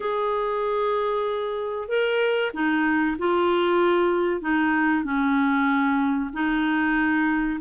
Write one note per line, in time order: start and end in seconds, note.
0.00 1.88 G#4
1.88 2.51 A#4
2.53 3.16 D#4
3.18 4.41 F4
4.41 5.04 D#4
5.04 6.30 C#4
6.33 7.59 D#4